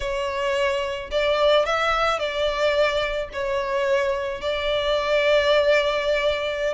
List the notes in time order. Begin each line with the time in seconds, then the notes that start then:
0.00 C#5
1.10 D5
1.65 E5
2.19 D5
3.33 C#5
4.41 D5